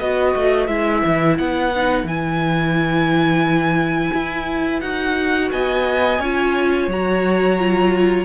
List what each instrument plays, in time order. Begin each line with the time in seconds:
0.00 cello B3, viola F#4, violin B4 D#5
0.36 cello A3
0.67 cello G#3, viola E4, violin E5
1.05 cello E3
1.39 cello B3, violin F#5
1.76 viola D#4
2.04 cello E3, viola E4, violin G#5
4.15 cello E4
4.81 cello D#4, viola F#4, violin F#5
5.52 cello B3, violin D#5 G#5
6.20 cello C#4, viola F4, violin C#5
6.88 cello F#3, viola F#4, violin A#5
7.59 viola F4